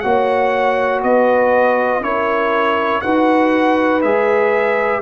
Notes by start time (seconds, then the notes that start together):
0.00 A#3 F#4 C#5 F#5
1.02 B3 B4 D#5
2.01 C#4 E4 A#4 C#5
3.01 D#4 F#4 B4 F#5
4.02 G#3 G#4 E5